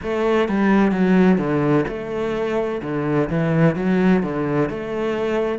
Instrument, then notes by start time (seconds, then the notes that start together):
cello
0.03 A3
0.48 G3
0.91 F#3
1.38 D3
1.87 A3
2.82 D3
3.29 E3
3.75 F#3
4.22 D3
4.69 A3